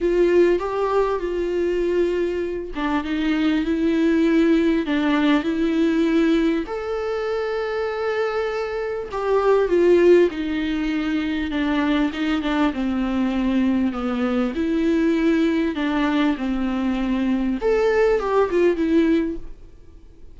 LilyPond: \new Staff \with { instrumentName = "viola" } { \time 4/4 \tempo 4 = 99 f'4 g'4 f'2~ | f'8 d'8 dis'4 e'2 | d'4 e'2 a'4~ | a'2. g'4 |
f'4 dis'2 d'4 | dis'8 d'8 c'2 b4 | e'2 d'4 c'4~ | c'4 a'4 g'8 f'8 e'4 | }